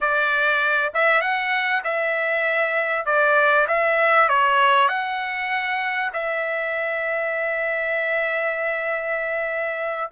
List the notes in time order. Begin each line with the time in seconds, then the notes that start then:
0.00 D5
0.94 E5
1.21 F#5
1.83 E5
3.05 D5
3.67 E5
4.29 C#5
4.88 F#5
6.13 E5